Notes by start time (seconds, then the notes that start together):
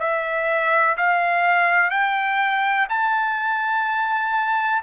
0.00 E5
0.98 F5
1.91 G5
2.89 A5